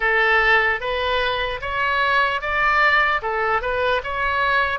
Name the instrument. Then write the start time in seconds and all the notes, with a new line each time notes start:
oboe
0.00 A4
0.80 B4
1.61 C#5
2.41 D5
3.22 A4
3.61 B4
4.03 C#5